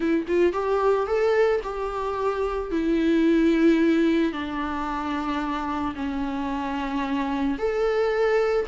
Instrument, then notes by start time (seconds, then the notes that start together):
viola
0.00 E4
0.27 F4
0.53 G4
1.07 A4
1.63 G4
2.71 E4
4.32 D4
5.95 C#4
7.58 A4